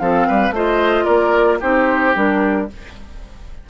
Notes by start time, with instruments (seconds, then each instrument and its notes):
0.00 bassoon F3, clarinet C4, oboe A4, flute F5
0.28 bassoon G3, oboe B4
0.51 bassoon A3, clarinet F4, oboe C5, flute D#5
1.05 bassoon A#3, oboe A#4, flute D5
1.61 bassoon C4, clarinet D#4, oboe G4, flute C5
2.15 bassoon G3, clarinet D4, flute A#4